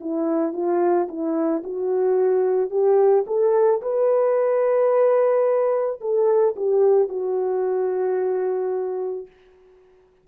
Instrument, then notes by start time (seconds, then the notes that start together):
horn
0.00 E4
0.53 F4
1.08 E4
1.64 F#4
2.70 G4
3.27 A4
3.82 B4
6.00 A4
6.56 G4
7.09 F#4